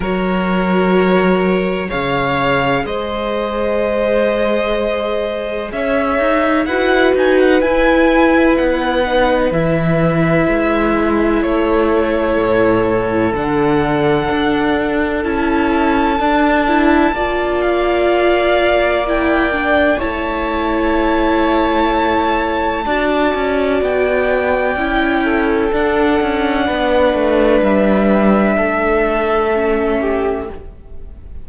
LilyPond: <<
  \new Staff \with { instrumentName = "violin" } { \time 4/4 \tempo 4 = 63 cis''2 f''4 dis''4~ | dis''2 e''4 fis''8 gis''16 fis''16 | gis''4 fis''4 e''2 | cis''2 fis''2 |
a''2~ a''8 f''4. | g''4 a''2.~ | a''4 g''2 fis''4~ | fis''4 e''2. | }
  \new Staff \with { instrumentName = "violin" } { \time 4/4 ais'2 cis''4 c''4~ | c''2 cis''4 b'4~ | b'1 | a'1~ |
a'2 d''2~ | d''4 cis''2. | d''2~ d''8 a'4. | b'2 a'4. g'8 | }
  \new Staff \with { instrumentName = "viola" } { \time 4/4 fis'2 gis'2~ | gis'2. fis'4 | e'4. dis'8 e'2~ | e'2 d'2 |
e'4 d'8 e'8 f'2 | e'8 d'8 e'2. | fis'2 e'4 d'4~ | d'2. cis'4 | }
  \new Staff \with { instrumentName = "cello" } { \time 4/4 fis2 cis4 gis4~ | gis2 cis'8 dis'8 e'8 dis'8 | e'4 b4 e4 gis4 | a4 a,4 d4 d'4 |
cis'4 d'4 ais2~ | ais4 a2. | d'8 cis'8 b4 cis'4 d'8 cis'8 | b8 a8 g4 a2 | }
>>